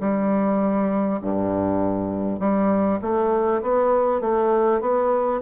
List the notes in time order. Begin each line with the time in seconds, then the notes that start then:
0.00 G3
1.22 G2
2.39 G3
3.02 A3
3.62 B3
4.21 A3
4.81 B3